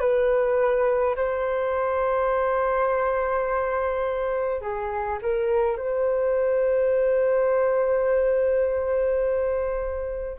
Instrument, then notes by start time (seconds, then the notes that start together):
flute
0.00 B4
1.16 C5
4.61 G#4
5.22 A#4
5.77 C5